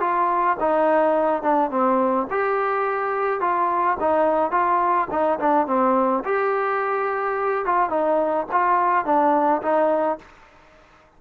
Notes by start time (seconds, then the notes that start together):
0.00 F4
0.60 D#4
1.42 D4
1.71 C4
2.30 G4
3.40 F4
4.00 D#4
4.51 F4
5.10 D#4
5.39 D4
5.67 C4
6.24 G4
7.65 F4
7.90 D#4
8.51 F4
9.05 D4
9.62 D#4